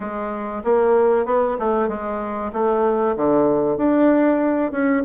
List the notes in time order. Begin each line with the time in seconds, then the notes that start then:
0.00 G#3
0.63 A#3
1.25 B3
1.59 A3
1.88 G#3
2.52 A3
3.16 D3
3.77 D4
4.71 C#4